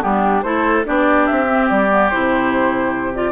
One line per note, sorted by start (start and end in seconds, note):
0.00 0.43 G3
0.00 0.41 B3
0.00 0.44 D4
0.00 0.42 G4
0.42 0.84 A3
0.42 0.84 E4
0.42 0.86 A4
0.42 0.84 C5
0.84 1.29 B3
0.84 1.47 D4
0.84 3.32 G4
0.84 1.26 D5
1.26 1.70 C4
1.26 1.68 E5
1.49 1.89 C4
1.68 2.11 G3
1.68 2.10 D5
1.89 2.09 B3
2.10 3.32 C3
2.10 3.14 E4
2.10 3.13 C5
3.14 3.32 F4
3.14 3.32 D5